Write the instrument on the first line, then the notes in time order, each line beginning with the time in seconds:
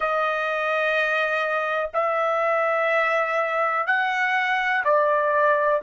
trumpet
0.00 D#5
1.93 E5
3.87 F#5
4.84 D5